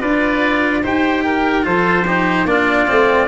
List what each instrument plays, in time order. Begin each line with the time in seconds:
0.00 tuba D4, cello F4, oboe B4, trumpet D5
0.83 tuba D#4, cello G4, oboe C5, trumpet G5
1.24 oboe A#4
1.62 tuba F3, cello F4, oboe A4, trumpet C5
2.06 cello D#4, oboe G4
2.45 tuba A#3, cello D4, oboe F4, trumpet D5
2.87 tuba A3, cello C4